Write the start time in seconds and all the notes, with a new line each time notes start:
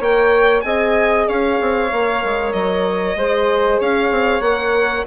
0.00 A#3 A#4 C#5 G5
0.61 C4 G#4 D#5 G#5
1.28 C#4 C#5 F5
1.61 C4
1.92 A#3 A#4
2.24 G#3
2.52 F#3 D#5
3.15 G#3 G#4 C5
3.79 C#4 C#5 F5
4.11 C4
4.40 A#3 A#4 F#5